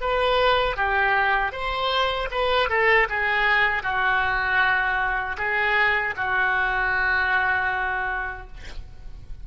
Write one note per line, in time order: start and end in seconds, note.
0.00 0.77 B4
0.77 1.52 G4
1.52 2.29 C5
2.31 2.69 B4
2.69 3.07 A4
3.09 3.83 G#4
3.83 5.36 F#4
5.37 6.14 G#4
6.16 8.47 F#4